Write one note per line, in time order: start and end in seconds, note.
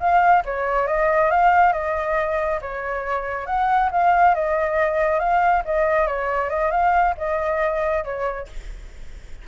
0.00 0.43 F5
0.45 0.87 C#5
0.87 1.31 D#5
1.31 1.73 F5
1.73 2.60 D#5
2.62 3.46 C#5
3.46 3.90 F#5
3.92 4.35 F5
4.35 5.20 D#5
5.20 5.63 F5
5.65 6.07 D#5
6.07 6.50 C#5
6.50 6.71 D#5
6.71 7.15 F5
7.18 8.04 D#5
8.04 8.48 C#5